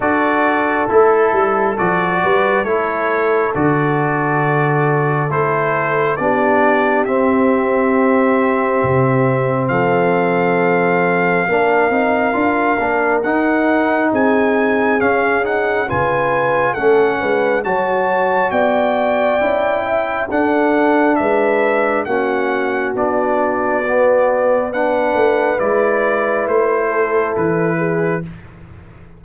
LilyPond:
<<
  \new Staff \with { instrumentName = "trumpet" } { \time 4/4 \tempo 4 = 68 d''4 a'4 d''4 cis''4 | d''2 c''4 d''4 | e''2. f''4~ | f''2. fis''4 |
gis''4 f''8 fis''8 gis''4 fis''4 | a''4 g''2 fis''4 | e''4 fis''4 d''2 | fis''4 d''4 c''4 b'4 | }
  \new Staff \with { instrumentName = "horn" } { \time 4/4 a'2~ a'8 b'8 a'4~ | a'2. g'4~ | g'2. a'4~ | a'4 ais'2. |
gis'2 b'4 a'8 b'8 | cis''4 d''4. e''8 a'4 | b'4 fis'2. | b'2~ b'8 a'4 gis'8 | }
  \new Staff \with { instrumentName = "trombone" } { \time 4/4 fis'4 e'4 fis'4 e'4 | fis'2 e'4 d'4 | c'1~ | c'4 d'8 dis'8 f'8 d'8 dis'4~ |
dis'4 cis'8 dis'8 f'4 cis'4 | fis'2 e'4 d'4~ | d'4 cis'4 d'4 b4 | d'4 e'2. | }
  \new Staff \with { instrumentName = "tuba" } { \time 4/4 d'4 a8 g8 f8 g8 a4 | d2 a4 b4 | c'2 c4 f4~ | f4 ais8 c'8 d'8 ais8 dis'4 |
c'4 cis'4 cis4 a8 gis8 | fis4 b4 cis'4 d'4 | gis4 ais4 b2~ | b8 a8 gis4 a4 e4 | }
>>